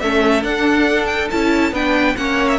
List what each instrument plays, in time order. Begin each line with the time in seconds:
0.00 cello A3, viola C#4, violin A4 E5
0.41 viola D4, cello D4, violin F#5
1.06 violin G5
1.30 cello C#4, viola E4, violin A5
1.72 cello B3, viola D4, violin B4 G5
2.16 cello A#3, viola C#4, violin C#5 F#5
2.48 violin E5